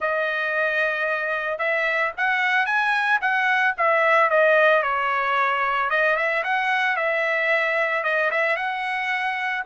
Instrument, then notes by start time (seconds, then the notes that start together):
trumpet
0.00 D#5
1.58 E5
2.17 F#5
2.66 G#5
3.21 F#5
3.77 E5
4.30 D#5
4.83 C#5
5.90 D#5
6.16 E5
6.43 F#5
6.96 E5
8.03 D#5
8.30 E5
8.56 F#5